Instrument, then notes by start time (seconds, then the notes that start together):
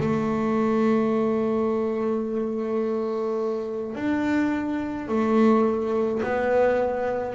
double bass
0.00 A3
3.95 D4
5.08 A3
6.23 B3